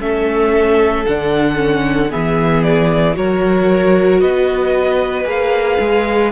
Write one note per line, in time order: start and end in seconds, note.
0.00 1.05 A3
0.00 1.05 C#4
0.00 2.10 A4
0.00 1.06 E5
1.06 2.13 D3
1.06 1.55 D4
1.06 2.11 F#5
1.55 2.08 C#4
2.10 3.17 E3
2.10 3.14 B3
2.10 3.15 G#4
2.10 2.63 E5
2.63 3.16 D5
3.14 4.22 F#3
3.14 5.24 F#4
3.14 4.21 A#4
3.14 4.21 C#5
4.21 5.25 B3
4.21 6.32 B4
4.21 5.26 D#5
5.24 5.78 A#3
5.24 6.30 G#4
5.24 6.32 F5
5.80 6.32 G#3